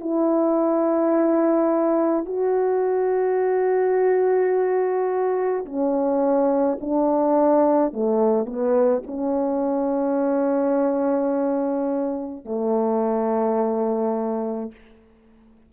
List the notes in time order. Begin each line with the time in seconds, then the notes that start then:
0.00 E4
2.25 F#4
5.65 C#4
6.80 D4
7.92 A3
8.45 B3
9.06 C#4
12.45 A3